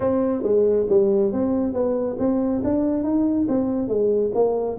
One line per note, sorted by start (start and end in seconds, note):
0.00 0.42 C4
0.42 0.86 G#3
0.89 1.32 G3
1.32 1.73 C4
1.73 2.16 B3
2.19 2.62 C4
2.63 3.03 D4
3.03 3.47 D#4
3.48 3.88 C4
3.88 4.31 G#3
4.34 4.78 A#3